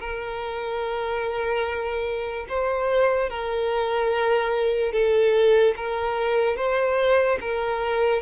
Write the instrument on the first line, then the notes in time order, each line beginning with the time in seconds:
violin
0.00 A#4
2.49 C5
3.30 A#4
4.93 A4
5.77 A#4
6.57 C5
7.41 A#4